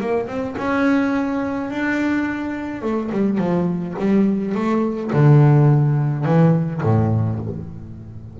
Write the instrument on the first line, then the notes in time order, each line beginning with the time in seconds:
double bass
0.00 A#3
0.27 C4
0.57 C#4
1.70 D4
2.82 A3
3.11 G3
3.38 F3
3.98 G3
4.54 A3
5.12 D3
6.25 E3
6.82 A2